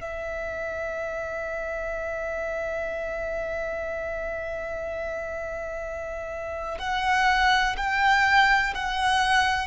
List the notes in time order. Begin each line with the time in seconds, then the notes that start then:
0.00 E5
6.79 F#5
7.77 G5
8.74 F#5